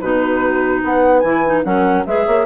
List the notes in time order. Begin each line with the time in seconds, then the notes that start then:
0.00 B2 D#4 F#4 B4
0.83 B3 B4 F#5
1.20 E3 E4 G#5
1.46 D#4
1.64 F#3 C#4 A#4 F#5
2.06 G#3 G#4 B4 E5
2.26 A#3 C#5